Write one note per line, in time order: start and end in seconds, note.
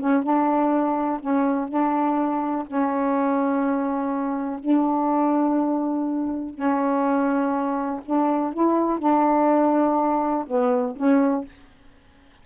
0.00 0.23 C#4
0.23 1.21 D4
1.21 1.69 C#4
1.69 2.66 D4
2.67 4.59 C#4
4.59 6.55 D4
6.55 8.01 C#4
8.06 8.53 D4
8.53 8.99 E4
8.99 10.45 D4
10.47 10.96 B3
10.96 11.45 C#4